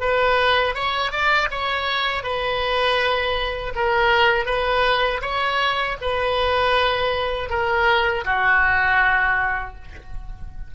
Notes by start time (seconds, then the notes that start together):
0.00 B4
0.74 C#5
1.11 D5
1.50 C#5
2.23 B4
3.75 A#4
4.45 B4
5.21 C#5
6.01 B4
7.49 A#4
8.24 F#4